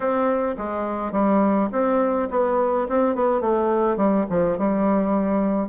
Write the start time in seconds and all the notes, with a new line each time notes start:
0.00 C4
0.57 G#3
1.11 G3
1.71 C4
2.30 B3
2.89 C4
3.15 B3
3.41 A3
3.96 G3
4.29 F3
4.57 G3